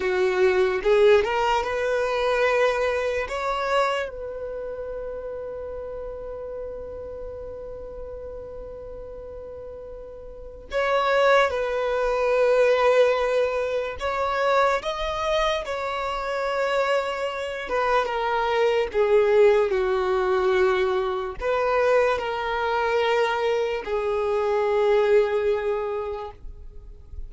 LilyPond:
\new Staff \with { instrumentName = "violin" } { \time 4/4 \tempo 4 = 73 fis'4 gis'8 ais'8 b'2 | cis''4 b'2.~ | b'1~ | b'4 cis''4 b'2~ |
b'4 cis''4 dis''4 cis''4~ | cis''4. b'8 ais'4 gis'4 | fis'2 b'4 ais'4~ | ais'4 gis'2. | }